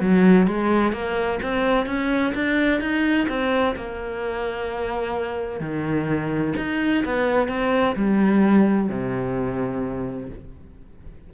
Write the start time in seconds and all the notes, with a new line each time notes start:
0.00 F#3
0.47 G#3
0.92 A#3
1.43 C4
1.86 C#4
2.34 D4
2.80 D#4
3.28 C4
3.75 A#3
5.60 D#3
6.57 D#4
7.05 B3
7.48 C4
7.96 G3
8.89 C3